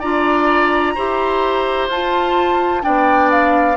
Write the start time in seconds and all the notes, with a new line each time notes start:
0.00 D4 F4 D5 A#5
0.95 E4 G4 C5
1.89 F4 A5
2.82 B3 D4 D5 G5
3.32 F5